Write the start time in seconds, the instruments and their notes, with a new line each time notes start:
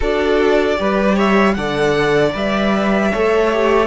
0.00 cello D4, viola F#4, violin A4 D5
0.76 cello G3, viola G4, violin B4
1.15 violin C#5 E5
1.54 cello D3, viola A4, violin D5 F#5
2.31 cello G3, viola B4, violin E5
3.12 cello A3, viola A4, violin C#5
3.52 viola G4